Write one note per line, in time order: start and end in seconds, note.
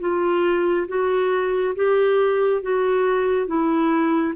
0.00 0.87 F4
0.88 1.75 F#4
1.75 2.62 G4
2.62 3.47 F#4
3.47 4.34 E4